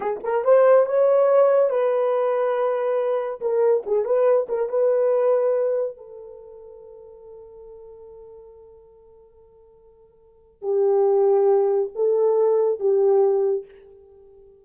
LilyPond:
\new Staff \with { instrumentName = "horn" } { \time 4/4 \tempo 4 = 141 gis'8 ais'8 c''4 cis''2 | b'1 | ais'4 gis'8 b'4 ais'8 b'4~ | b'2 a'2~ |
a'1~ | a'1~ | a'4 g'2. | a'2 g'2 | }